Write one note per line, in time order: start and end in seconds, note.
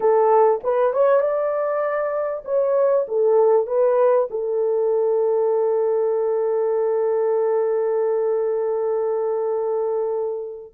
0.00 0.61 A4
0.63 0.93 B4
0.93 1.21 C#5
1.21 2.43 D5
2.44 3.06 C#5
3.08 3.67 A4
3.67 4.28 B4
4.30 10.73 A4